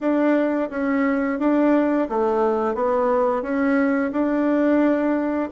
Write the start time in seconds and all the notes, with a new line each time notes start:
0.00 D4
0.70 C#4
1.39 D4
2.09 A3
2.75 B3
3.42 C#4
4.12 D4